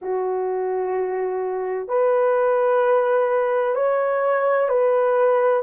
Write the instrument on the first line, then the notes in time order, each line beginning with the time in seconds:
horn
0.01 F#4
1.87 B4
3.75 C#5
4.69 B4